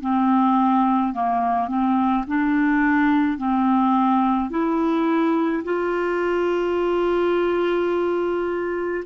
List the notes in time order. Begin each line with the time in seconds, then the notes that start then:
0.00 C4
1.13 A#3
1.68 C4
2.27 D4
3.37 C4
4.50 E4
5.64 F4